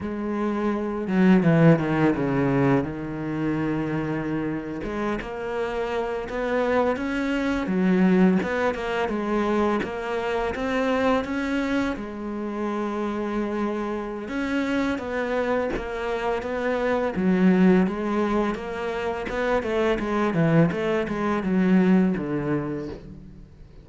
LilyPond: \new Staff \with { instrumentName = "cello" } { \time 4/4 \tempo 4 = 84 gis4. fis8 e8 dis8 cis4 | dis2~ dis8. gis8 ais8.~ | ais8. b4 cis'4 fis4 b16~ | b16 ais8 gis4 ais4 c'4 cis'16~ |
cis'8. gis2.~ gis16 | cis'4 b4 ais4 b4 | fis4 gis4 ais4 b8 a8 | gis8 e8 a8 gis8 fis4 d4 | }